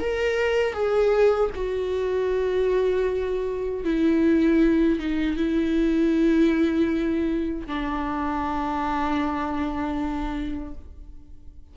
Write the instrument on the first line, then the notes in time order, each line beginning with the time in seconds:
viola
0.00 A#4
0.73 G#4
1.55 F#4
3.85 E4
4.99 D#4
5.37 E4
7.66 D4